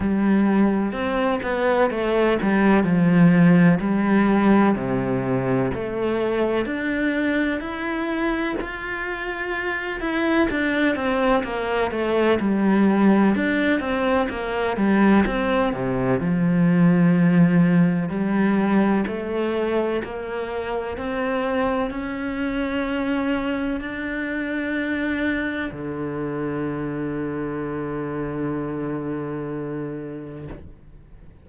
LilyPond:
\new Staff \with { instrumentName = "cello" } { \time 4/4 \tempo 4 = 63 g4 c'8 b8 a8 g8 f4 | g4 c4 a4 d'4 | e'4 f'4. e'8 d'8 c'8 | ais8 a8 g4 d'8 c'8 ais8 g8 |
c'8 c8 f2 g4 | a4 ais4 c'4 cis'4~ | cis'4 d'2 d4~ | d1 | }